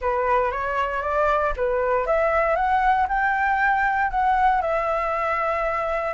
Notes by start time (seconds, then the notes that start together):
0.01 B4
0.51 C#5
1.01 D5
1.56 B4
2.06 E5
2.55 F#5
3.08 G5
4.10 F#5
4.61 E5